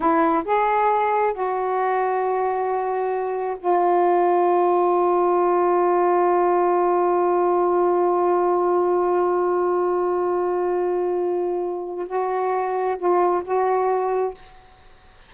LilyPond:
\new Staff \with { instrumentName = "saxophone" } { \time 4/4 \tempo 4 = 134 e'4 gis'2 fis'4~ | fis'1 | f'1~ | f'1~ |
f'1~ | f'1~ | f'2. fis'4~ | fis'4 f'4 fis'2 | }